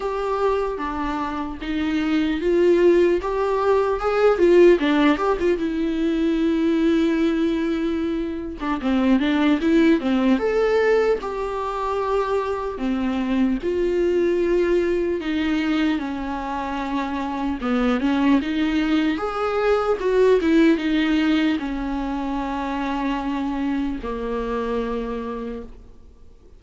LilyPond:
\new Staff \with { instrumentName = "viola" } { \time 4/4 \tempo 4 = 75 g'4 d'4 dis'4 f'4 | g'4 gis'8 f'8 d'8 g'16 f'16 e'4~ | e'2~ e'8. d'16 c'8 d'8 | e'8 c'8 a'4 g'2 |
c'4 f'2 dis'4 | cis'2 b8 cis'8 dis'4 | gis'4 fis'8 e'8 dis'4 cis'4~ | cis'2 ais2 | }